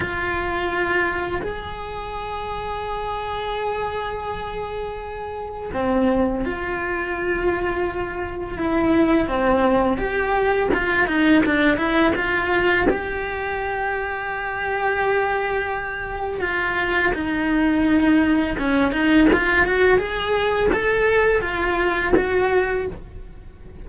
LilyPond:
\new Staff \with { instrumentName = "cello" } { \time 4/4 \tempo 4 = 84 f'2 gis'2~ | gis'1 | c'4 f'2. | e'4 c'4 g'4 f'8 dis'8 |
d'8 e'8 f'4 g'2~ | g'2. f'4 | dis'2 cis'8 dis'8 f'8 fis'8 | gis'4 a'4 f'4 fis'4 | }